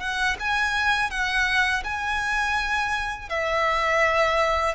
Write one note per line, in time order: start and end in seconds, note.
0.00 0.37 F#5
0.40 1.10 G#5
1.10 1.84 F#5
1.84 3.29 G#5
3.29 4.75 E5